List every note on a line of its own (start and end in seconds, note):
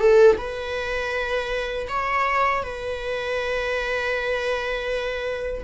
0.00 0.38 A4
0.38 1.88 B4
1.89 2.64 C#5
2.64 5.64 B4